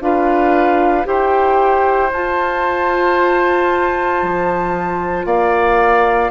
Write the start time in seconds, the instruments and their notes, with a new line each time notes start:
0.00 bassoon D4, clarinet F4, oboe B4, flute F5
1.04 bassoon E4, clarinet G4, oboe C5, flute G5
2.12 bassoon F4, clarinet F4, flute A5
4.22 bassoon F3
5.25 bassoon A#3, oboe D5, flute F5